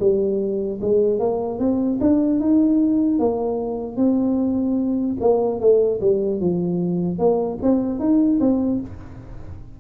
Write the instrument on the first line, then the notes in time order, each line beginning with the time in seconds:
tuba
0.00 G3
0.81 G#3
1.20 A#3
1.59 C4
2.01 D4
2.40 D#4
3.19 A#3
3.97 C4
5.20 A#3
5.60 A3
6.01 G3
6.40 F3
7.19 A#3
7.63 C4
8.00 D#4
8.40 C4